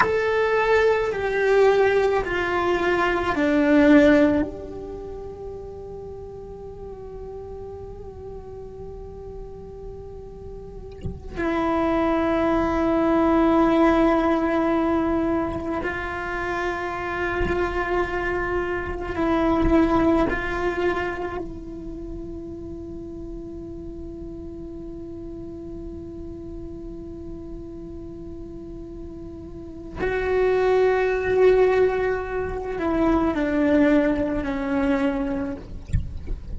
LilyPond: \new Staff \with { instrumentName = "cello" } { \time 4/4 \tempo 4 = 54 a'4 g'4 f'4 d'4 | g'1~ | g'2~ g'16 e'4.~ e'16~ | e'2~ e'16 f'4.~ f'16~ |
f'4~ f'16 e'4 f'4 e'8.~ | e'1~ | e'2. fis'4~ | fis'4. e'8 d'4 cis'4 | }